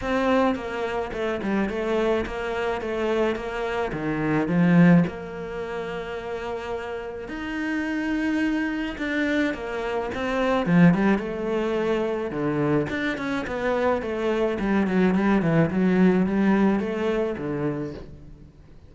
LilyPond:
\new Staff \with { instrumentName = "cello" } { \time 4/4 \tempo 4 = 107 c'4 ais4 a8 g8 a4 | ais4 a4 ais4 dis4 | f4 ais2.~ | ais4 dis'2. |
d'4 ais4 c'4 f8 g8 | a2 d4 d'8 cis'8 | b4 a4 g8 fis8 g8 e8 | fis4 g4 a4 d4 | }